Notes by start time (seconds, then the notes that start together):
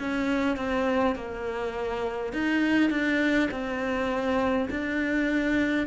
0.00 C#4
0.57 C4
1.16 A#3
2.33 D#4
2.90 D4
3.51 C4
4.71 D4